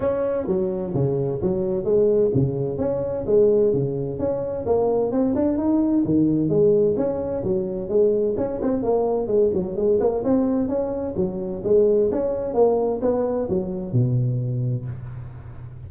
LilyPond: \new Staff \with { instrumentName = "tuba" } { \time 4/4 \tempo 4 = 129 cis'4 fis4 cis4 fis4 | gis4 cis4 cis'4 gis4 | cis4 cis'4 ais4 c'8 d'8 | dis'4 dis4 gis4 cis'4 |
fis4 gis4 cis'8 c'8 ais4 | gis8 fis8 gis8 ais8 c'4 cis'4 | fis4 gis4 cis'4 ais4 | b4 fis4 b,2 | }